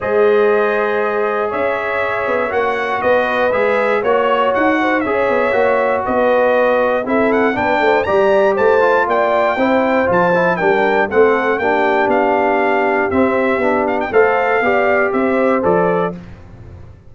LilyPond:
<<
  \new Staff \with { instrumentName = "trumpet" } { \time 4/4 \tempo 4 = 119 dis''2. e''4~ | e''4 fis''4 dis''4 e''4 | cis''4 fis''4 e''2 | dis''2 e''8 fis''8 g''4 |
ais''4 a''4 g''2 | a''4 g''4 fis''4 g''4 | f''2 e''4. f''16 g''16 | f''2 e''4 d''4 | }
  \new Staff \with { instrumentName = "horn" } { \time 4/4 c''2. cis''4~ | cis''2 b'2 | cis''4. c''8 cis''2 | b'2 a'4 b'8 c''8 |
d''4 c''4 d''4 c''4~ | c''4 ais'4 a'4 g'4~ | g'1 | c''4 d''4 c''2 | }
  \new Staff \with { instrumentName = "trombone" } { \time 4/4 gis'1~ | gis'4 fis'2 gis'4 | fis'2 gis'4 fis'4~ | fis'2 e'4 d'4 |
g'4. f'4. e'4 | f'8 e'8 d'4 c'4 d'4~ | d'2 c'4 d'4 | a'4 g'2 a'4 | }
  \new Staff \with { instrumentName = "tuba" } { \time 4/4 gis2. cis'4~ | cis'8 b8 ais4 b4 gis4 | ais4 dis'4 cis'8 b8 ais4 | b2 c'4 b8 a8 |
g4 a4 ais4 c'4 | f4 g4 a4 ais4 | b2 c'4 b4 | a4 b4 c'4 f4 | }
>>